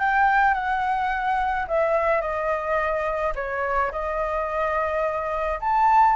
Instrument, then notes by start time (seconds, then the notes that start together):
flute
0.00 G5
0.54 F#5
1.68 E5
2.21 D#5
3.36 C#5
3.92 D#5
5.60 A5